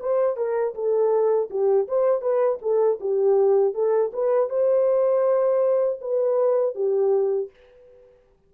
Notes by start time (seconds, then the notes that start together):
0.00 C5
0.37 A#4
0.75 A4
1.50 G4
1.88 C5
2.22 B4
2.62 A4
3.01 G4
3.74 A4
4.14 B4
4.50 C5
6.01 B4
6.75 G4